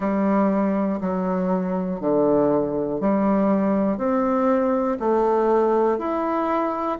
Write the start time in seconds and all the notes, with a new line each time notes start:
0.00 G3
1.00 F#3
2.00 D3
3.00 G3
3.97 C4
5.00 A3
5.98 E4